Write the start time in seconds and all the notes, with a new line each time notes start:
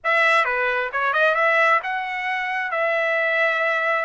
0.03 E5
0.44 B4
0.92 C#5
1.13 D#5
1.35 E5
1.83 F#5
2.71 E5